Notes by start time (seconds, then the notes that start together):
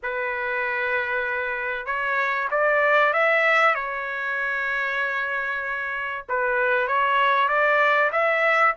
0.02 B4
1.86 C#5
2.51 D5
3.13 E5
3.74 C#5
6.28 B4
6.87 C#5
7.48 D5
8.12 E5